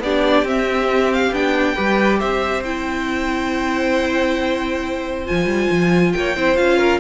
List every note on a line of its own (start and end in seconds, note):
0.00 0.43 B3
0.00 0.46 D4
0.00 1.75 G4
0.00 0.47 D5
0.43 1.30 C4
0.43 1.33 C4
0.43 1.13 E5
1.13 1.34 F5
1.31 1.75 B3
1.31 1.76 D4
1.31 2.20 G5
1.75 2.22 G3
1.75 2.63 G4
1.75 2.19 B4
2.19 5.29 C4
2.19 6.14 C5
2.19 2.64 E5
2.64 5.26 E4
2.64 5.27 G5
5.26 5.46 F3
5.26 6.35 F4
5.26 6.13 G#5
5.46 5.68 G3
5.71 6.15 F3
6.13 6.36 A#3
6.13 6.36 C#5
6.13 6.57 G5
6.36 6.58 C4
6.36 6.56 E4
6.36 6.78 C5
6.56 7.00 C#4
6.56 7.00 F4
6.56 7.00 F5
6.78 7.00 A#4